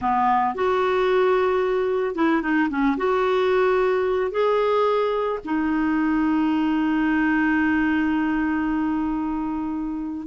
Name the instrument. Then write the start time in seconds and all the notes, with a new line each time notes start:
clarinet
0.01 B3
0.55 F#4
2.15 E4
2.42 D#4
2.69 C#4
2.97 F#4
4.31 G#4
5.44 D#4